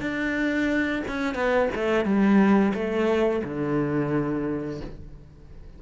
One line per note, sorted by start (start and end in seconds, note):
0.00 1.02 D4
1.08 1.35 C#4
1.35 1.69 B3
1.75 2.05 A3
2.05 2.73 G3
2.74 3.42 A3
3.44 4.80 D3